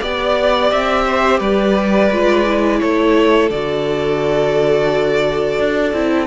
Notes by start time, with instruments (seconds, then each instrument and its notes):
0.00 cello B3, viola G4, violin D5
0.70 cello C4, violin E5
1.06 violin C5
1.39 cello G3, violin B4 D5
2.11 cello G#3, viola F4
2.46 viola E4
2.80 cello A3, violin A4 C#5
3.50 cello D3, viola F#4, violin D5
5.59 cello D4
5.93 cello C4, viola E4